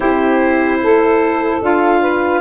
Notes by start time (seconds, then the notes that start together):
0.00 C4 E4 G4 C5
0.82 A3 A4
1.61 D4 F4 F5
2.00 B4